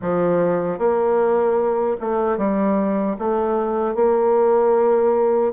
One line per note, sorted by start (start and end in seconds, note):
0.01 0.78 F3
0.78 1.97 A#3
2.00 2.37 A3
2.37 3.16 G3
3.18 3.94 A3
3.94 5.52 A#3